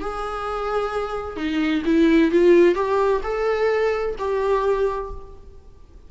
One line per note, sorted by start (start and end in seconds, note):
0.00 1.36 G#4
1.36 1.82 D#4
1.85 2.31 E4
2.31 2.75 F4
2.75 3.21 G4
3.23 4.15 A4
4.18 5.10 G4